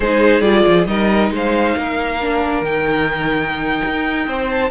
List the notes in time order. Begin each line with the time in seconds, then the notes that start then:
0.00 G#3 D#4 G#4 C5
0.40 G3 F4 D5
0.67 F3
0.86 G3 D#4 A#4 D#5
1.30 G#3 C5 F5
1.76 A#3 A#4
2.21 D4
2.61 D#3 D#4 G5
3.85 D#4
4.27 C4 C5
4.50 A5